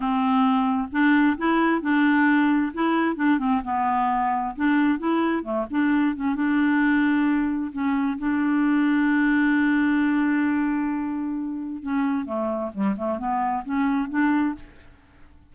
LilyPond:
\new Staff \with { instrumentName = "clarinet" } { \time 4/4 \tempo 4 = 132 c'2 d'4 e'4 | d'2 e'4 d'8 c'8 | b2 d'4 e'4 | a8 d'4 cis'8 d'2~ |
d'4 cis'4 d'2~ | d'1~ | d'2 cis'4 a4 | g8 a8 b4 cis'4 d'4 | }